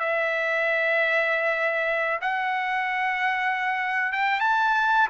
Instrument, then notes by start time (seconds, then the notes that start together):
trumpet
0.00 E5
2.21 F#5
4.13 G5
4.40 A5